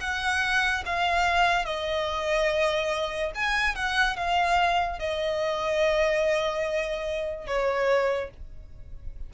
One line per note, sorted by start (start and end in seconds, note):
0.00 0.83 F#5
0.86 1.65 F5
1.65 3.32 D#5
3.35 3.75 G#5
3.75 4.16 F#5
4.16 4.99 F5
4.99 7.47 D#5
7.47 8.30 C#5